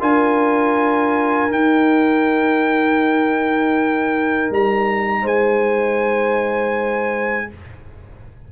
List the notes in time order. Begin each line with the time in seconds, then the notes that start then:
0.00 D4 F4 A#4 G#5
1.50 D#4 G5
4.51 G3 A#5
5.22 G#3 C5 G#5